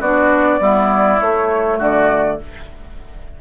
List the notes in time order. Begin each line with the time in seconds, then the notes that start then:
0.00 B3 D4 F#4 D5
0.60 G3 B3 E4
1.19 A3 C#5
1.78 D3 F#4 D5